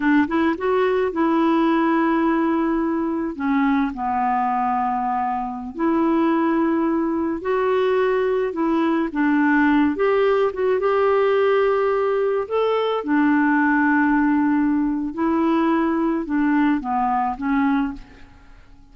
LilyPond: \new Staff \with { instrumentName = "clarinet" } { \time 4/4 \tempo 4 = 107 d'8 e'8 fis'4 e'2~ | e'2 cis'4 b4~ | b2~ b16 e'4.~ e'16~ | e'4~ e'16 fis'2 e'8.~ |
e'16 d'4. g'4 fis'8 g'8.~ | g'2~ g'16 a'4 d'8.~ | d'2. e'4~ | e'4 d'4 b4 cis'4 | }